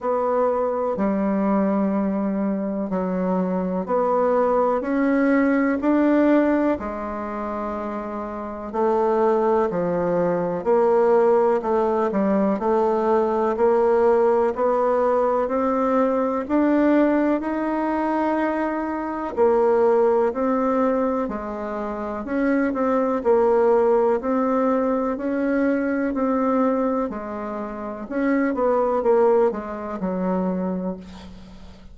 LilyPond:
\new Staff \with { instrumentName = "bassoon" } { \time 4/4 \tempo 4 = 62 b4 g2 fis4 | b4 cis'4 d'4 gis4~ | gis4 a4 f4 ais4 | a8 g8 a4 ais4 b4 |
c'4 d'4 dis'2 | ais4 c'4 gis4 cis'8 c'8 | ais4 c'4 cis'4 c'4 | gis4 cis'8 b8 ais8 gis8 fis4 | }